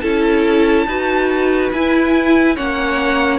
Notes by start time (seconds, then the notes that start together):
0.00 C#4 E4 A4 A5
0.86 D#4 F#4 B4
1.71 E4 G#5
2.55 A#3 C#4 C#5 F#5